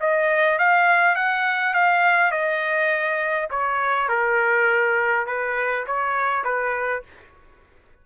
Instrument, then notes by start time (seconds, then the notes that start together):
trumpet
0.00 D#5
0.58 F5
1.15 F#5
1.74 F5
2.31 D#5
3.50 C#5
4.09 A#4
5.26 B4
5.86 C#5
6.44 B4